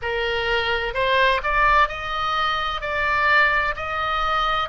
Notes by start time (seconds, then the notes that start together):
0.02 A#4
0.94 C5
1.43 D5
1.88 D#5
2.81 D5
3.75 D#5